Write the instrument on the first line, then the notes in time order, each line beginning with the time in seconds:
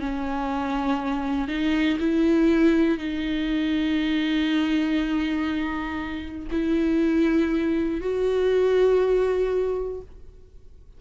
viola
0.00 C#4
1.48 D#4
2.00 E4
2.98 D#4
6.51 E4
8.01 F#4